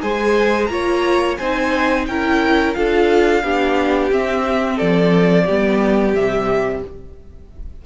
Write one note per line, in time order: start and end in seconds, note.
0.00 0.69 G#3
0.00 0.68 G#4
0.00 0.70 C5
0.00 0.66 G#5
0.66 1.38 A#3
0.66 1.37 F4
0.66 1.38 C#5
0.66 1.34 A#5
1.37 2.08 C4
1.37 2.09 D#4
1.37 2.06 C5
1.37 2.05 G#5
2.07 2.76 C#4
2.07 2.74 E4
2.07 2.77 A#4
2.07 2.74 G5
2.74 3.43 D4
2.74 3.43 F4
2.74 3.44 A4
2.74 4.10 F5
3.43 4.11 B3
3.43 4.11 D4
3.43 4.76 G4
4.11 5.47 C4
4.11 4.79 C4
4.11 4.78 E5
4.76 5.49 F3
4.76 5.44 A4
4.76 6.14 D5
5.45 6.14 G3
5.45 6.17 B3
5.45 6.81 G4
6.14 6.82 C3
6.14 6.86 G3
6.14 6.83 E5